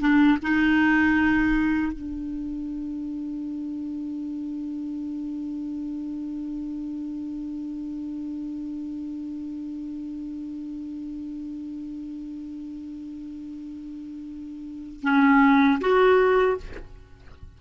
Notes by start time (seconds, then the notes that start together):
0.00 D4
0.43 D#4
1.93 D4
15.03 C#4
15.81 F#4